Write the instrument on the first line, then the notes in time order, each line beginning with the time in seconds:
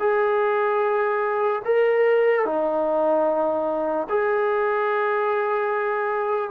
trombone
0.00 G#4
1.65 A#4
2.45 D#4
4.09 G#4